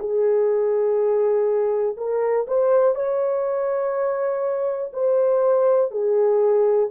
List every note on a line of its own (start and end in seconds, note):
0.00 1.97 G#4
1.98 2.47 A#4
2.48 2.96 C5
2.96 4.92 C#5
4.94 5.92 C5
5.92 6.90 G#4